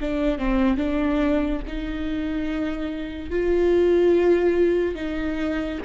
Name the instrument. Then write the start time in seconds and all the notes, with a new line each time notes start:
viola
0.00 D4
0.38 C4
0.77 D4
1.67 D#4
3.30 F4
4.95 D#4